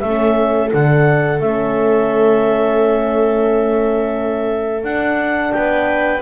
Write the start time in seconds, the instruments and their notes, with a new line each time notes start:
0.00 double bass A3, horn C#4, viola A4, clarinet E5
0.72 double bass D3, horn D4, clarinet F#5
1.40 double bass A3, horn C#4, clarinet E5
4.83 horn D4, double bass D4, clarinet F#5
5.52 double bass B3, viola B4, clarinet G5